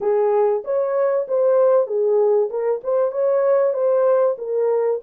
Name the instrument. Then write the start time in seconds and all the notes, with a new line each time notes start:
horn
0.00 G#4
0.64 C#5
1.28 C5
1.86 G#4
2.50 A#4
2.83 C5
3.11 C#5
3.73 C5
4.38 A#4